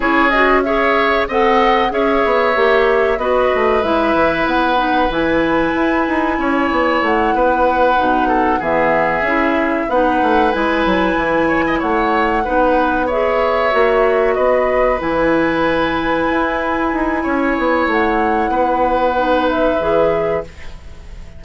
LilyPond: <<
  \new Staff \with { instrumentName = "flute" } { \time 4/4 \tempo 4 = 94 cis''8 dis''8 e''4 fis''4 e''4~ | e''4 dis''4 e''4 fis''4 | gis''2. fis''4~ | fis''4. e''2 fis''8~ |
fis''8 gis''2 fis''4.~ | fis''8 e''2 dis''4 gis''8~ | gis''1 | fis''2~ fis''8 e''4. | }
  \new Staff \with { instrumentName = "oboe" } { \time 4/4 gis'4 cis''4 dis''4 cis''4~ | cis''4 b'2.~ | b'2 cis''4. b'8~ | b'4 a'8 gis'2 b'8~ |
b'2 cis''16 dis''16 cis''4 b'8~ | b'8 cis''2 b'4.~ | b'2. cis''4~ | cis''4 b'2. | }
  \new Staff \with { instrumentName = "clarinet" } { \time 4/4 e'8 fis'8 gis'4 a'4 gis'4 | g'4 fis'4 e'4. dis'8 | e'1~ | e'8 dis'4 b4 e'4 dis'8~ |
dis'8 e'2. dis'8~ | dis'8 gis'4 fis'2 e'8~ | e'1~ | e'2 dis'4 gis'4 | }
  \new Staff \with { instrumentName = "bassoon" } { \time 4/4 cis'2 c'4 cis'8 b8 | ais4 b8 a8 gis8 e8 b4 | e4 e'8 dis'8 cis'8 b8 a8 b8~ | b8 b,4 e4 cis'4 b8 |
a8 gis8 fis8 e4 a4 b8~ | b4. ais4 b4 e8~ | e4. e'4 dis'8 cis'8 b8 | a4 b2 e4 | }
>>